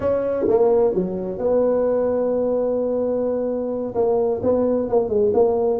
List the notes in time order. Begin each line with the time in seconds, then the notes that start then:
0.00 C#4
0.48 A#3
0.94 F#3
1.38 B3
3.95 A#3
4.42 B3
4.89 A#3
5.08 G#3
5.33 A#3